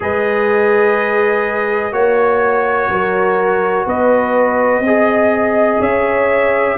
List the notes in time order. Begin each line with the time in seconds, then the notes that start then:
0.00 G#3 G#4 B4 D#5
1.91 A#3 F#4 C#5
2.89 F#3 A#4
3.85 B3 B4 D#5
4.79 C4
4.85 G#4 D#5
5.79 C#4 C#5 E5